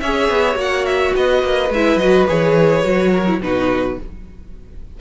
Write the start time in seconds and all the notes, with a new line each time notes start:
0.00 C#4 G#4 C#5 E5
0.29 B3
0.55 A#3 F#4 F#5
0.85 E5
1.15 B3 B4 D#5
1.43 A#3
1.70 G#3 E4 E5
1.96 F#3 F#4 D#5
2.28 E3 G#4 C#5
2.83 F#3 F#4
3.11 A#4
3.27 E4
3.40 B2 D#4 F#4 B4